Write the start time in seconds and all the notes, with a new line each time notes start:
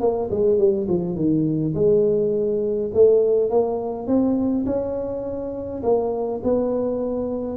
0.00 A#3
0.31 G#3
0.58 G3
0.89 F3
1.15 D#3
1.74 G#3
2.94 A3
3.50 A#3
4.07 C4
4.66 C#4
5.83 A#3
6.43 B3